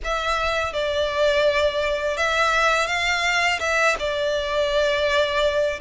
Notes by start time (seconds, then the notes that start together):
0.04 E5
0.73 D5
2.17 E5
2.87 F5
3.59 E5
3.99 D5